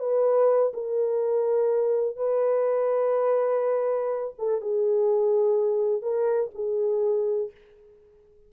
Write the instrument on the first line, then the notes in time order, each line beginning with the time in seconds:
horn
0.00 B4
0.74 A#4
2.17 B4
4.39 A4
4.62 G#4
6.02 A#4
6.55 G#4